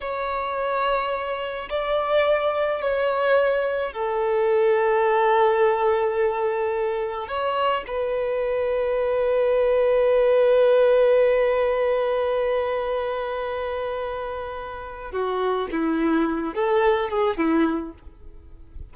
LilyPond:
\new Staff \with { instrumentName = "violin" } { \time 4/4 \tempo 4 = 107 cis''2. d''4~ | d''4 cis''2 a'4~ | a'1~ | a'4 cis''4 b'2~ |
b'1~ | b'1~ | b'2. fis'4 | e'4. a'4 gis'8 e'4 | }